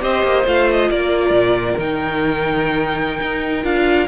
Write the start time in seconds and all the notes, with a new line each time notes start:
0.00 C4 G4 C5 D#5
0.23 A#3
0.46 A3 F4 F5
0.71 D#5
0.90 A#3 A#4 D5
1.30 A#2
1.78 D#3 D#4 G5
3.21 D#4
3.63 D4 F4 F5